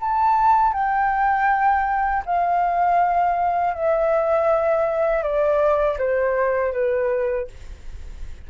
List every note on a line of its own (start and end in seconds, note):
0.00 0.73 A5
0.73 2.23 G5
2.25 3.73 F5
3.73 5.22 E5
5.22 5.97 D5
5.98 6.72 C5
6.72 7.47 B4